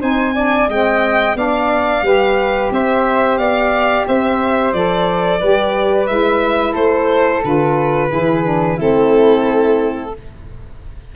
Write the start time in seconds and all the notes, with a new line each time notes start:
0.00 C4 D#4 C5 G#5
0.35 D4 D5
0.69 G#3 C4 D#5 G5
1.35 B3 D4 D5 F5
2.03 G3 G4 B4
2.71 C4 C5 E5
3.38 B3 D5 F5
4.08 C4 C5 E5
4.73 F3 A4 D5
5.40 G3 G4 B4
6.07 G#3 E4 E5
6.73 A3 A4 C5
7.43 D3 F4 B4
8.10 E3 E4 G#4
8.44 D4
8.77 A3 C4 E4 A4